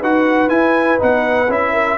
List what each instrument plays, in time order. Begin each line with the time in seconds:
0.00 tuba D#4, trombone F#4, horn B4, trumpet F#5
0.49 tuba E4, trombone E4, trumpet G#5
0.98 tuba B3, trombone D#4, trumpet F#5
1.49 tuba C#4, trombone E4, trumpet E5
1.73 horn A#4